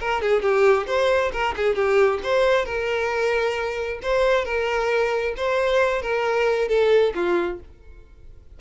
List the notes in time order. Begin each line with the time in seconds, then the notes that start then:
0.00 A#4
0.22 G#4
0.42 G4
0.87 C5
1.32 A#4
1.57 G#4
1.75 G4
2.23 C5
2.65 A#4
4.02 C5
4.45 A#4
5.37 C5
6.02 A#4
6.69 A4
7.15 F4